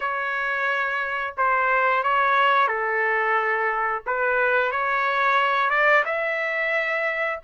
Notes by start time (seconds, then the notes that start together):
0.00 C#5
1.37 C5
2.03 C#5
2.67 A4
4.06 B4
4.71 C#5
5.70 D5
6.05 E5